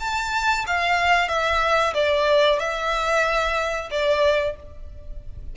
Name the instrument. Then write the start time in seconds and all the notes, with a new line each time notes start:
violin
0.00 A5
0.67 F5
1.28 E5
1.94 D5
2.59 E5
3.91 D5